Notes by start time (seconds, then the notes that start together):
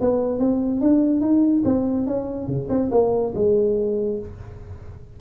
0.00 B3
0.38 C4
0.81 D4
1.20 D#4
1.65 C4
2.07 C#4
2.47 C#3
2.69 C4
2.91 A#3
3.35 G#3